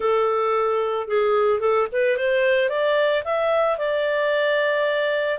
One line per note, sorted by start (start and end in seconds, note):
0.00 1.07 A4
1.07 1.60 G#4
1.60 1.87 A4
1.92 2.16 B4
2.16 2.69 C5
2.69 3.23 D5
3.24 3.77 E5
3.77 5.38 D5